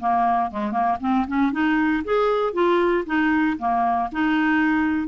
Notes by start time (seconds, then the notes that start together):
0.00 A#3
0.51 G#3
0.72 A#3
1.00 C4
1.28 C#4
1.52 D#4
2.05 G#4
2.53 F4
3.06 D#4
3.59 A#3
4.12 D#4